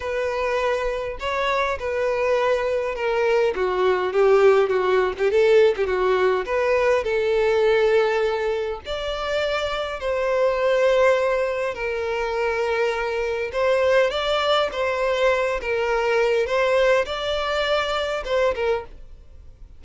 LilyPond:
\new Staff \with { instrumentName = "violin" } { \time 4/4 \tempo 4 = 102 b'2 cis''4 b'4~ | b'4 ais'4 fis'4 g'4 | fis'8. g'16 a'8. g'16 fis'4 b'4 | a'2. d''4~ |
d''4 c''2. | ais'2. c''4 | d''4 c''4. ais'4. | c''4 d''2 c''8 ais'8 | }